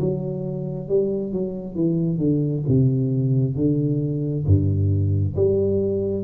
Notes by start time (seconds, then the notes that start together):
0.00 F#3
0.89 G3
1.33 F#3
1.75 E3
2.18 D3
2.68 C3
3.56 D3
4.46 G2
5.36 G3